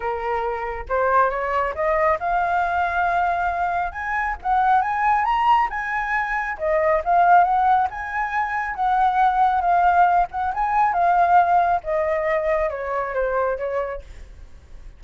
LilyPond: \new Staff \with { instrumentName = "flute" } { \time 4/4 \tempo 4 = 137 ais'2 c''4 cis''4 | dis''4 f''2.~ | f''4 gis''4 fis''4 gis''4 | ais''4 gis''2 dis''4 |
f''4 fis''4 gis''2 | fis''2 f''4. fis''8 | gis''4 f''2 dis''4~ | dis''4 cis''4 c''4 cis''4 | }